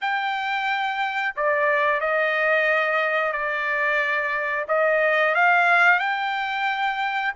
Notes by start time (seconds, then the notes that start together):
0.01 G5
1.35 D5
2.00 D#5
3.32 D5
4.68 D#5
5.35 F5
5.99 G5